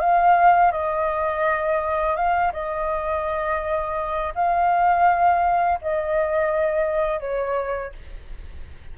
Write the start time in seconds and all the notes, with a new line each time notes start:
0.00 F5
0.71 D#5
2.16 F5
2.53 D#5
4.35 F5
5.82 D#5
7.20 C#5